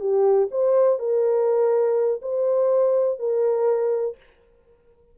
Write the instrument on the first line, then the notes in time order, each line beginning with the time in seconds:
horn
0.00 G4
0.51 C5
1.00 A#4
2.22 C5
3.19 A#4